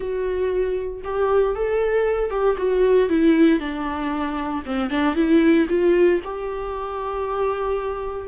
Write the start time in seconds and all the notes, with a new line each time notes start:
0.00 F#4
1.03 G4
1.55 A4
2.30 G4
2.57 F#4
3.09 E4
3.59 D4
4.65 C4
4.90 D4
5.15 E4
5.68 F4
6.24 G4